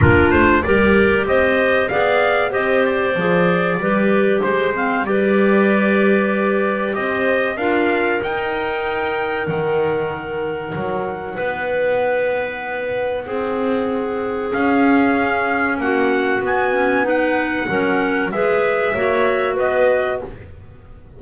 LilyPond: <<
  \new Staff \with { instrumentName = "trumpet" } { \time 4/4 \tempo 4 = 95 ais'8 c''8 d''4 dis''4 f''4 | dis''8 d''2~ d''8 c''4 | d''2. dis''4 | f''4 g''2 fis''4~ |
fis''1~ | fis''2. f''4~ | f''4 fis''4 gis''4 fis''4~ | fis''4 e''2 dis''4 | }
  \new Staff \with { instrumentName = "clarinet" } { \time 4/4 f'4 ais'4 c''4 d''4 | c''2 b'4 c''8 f''8 | b'2. c''4 | ais'1~ |
ais'2 b'2~ | b'4 gis'2.~ | gis'4 fis'2 b'4 | ais'4 b'4 cis''4 b'4 | }
  \new Staff \with { instrumentName = "clarinet" } { \time 4/4 d'4 g'2 gis'4 | g'4 gis'4 g'4. c'8 | g'1 | f'4 dis'2.~ |
dis'1~ | dis'2. cis'4~ | cis'2 b8 cis'8 dis'4 | cis'4 gis'4 fis'2 | }
  \new Staff \with { instrumentName = "double bass" } { \time 4/4 ais8 a8 g4 c'4 b4 | c'4 f4 g4 gis4 | g2. c'4 | d'4 dis'2 dis4~ |
dis4 fis4 b2~ | b4 c'2 cis'4~ | cis'4 ais4 b2 | fis4 gis4 ais4 b4 | }
>>